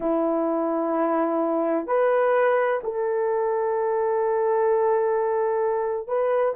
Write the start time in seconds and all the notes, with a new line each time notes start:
0.00 E4
1.86 B4
2.83 A4
6.07 B4